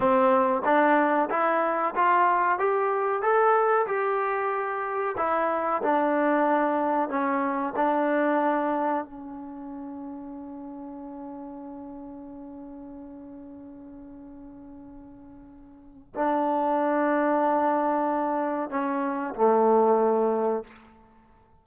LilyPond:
\new Staff \with { instrumentName = "trombone" } { \time 4/4 \tempo 4 = 93 c'4 d'4 e'4 f'4 | g'4 a'4 g'2 | e'4 d'2 cis'4 | d'2 cis'2~ |
cis'1~ | cis'1~ | cis'4 d'2.~ | d'4 cis'4 a2 | }